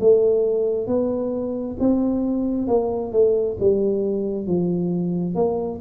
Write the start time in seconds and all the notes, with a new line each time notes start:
0.00 A3
0.87 B3
1.79 C4
2.67 A#3
3.12 A3
3.59 G3
4.46 F3
5.35 A#3